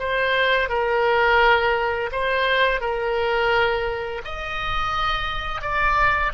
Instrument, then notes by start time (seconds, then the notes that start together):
oboe
0.00 C5
0.69 A#4
2.12 C5
2.81 A#4
4.25 D#5
5.62 D5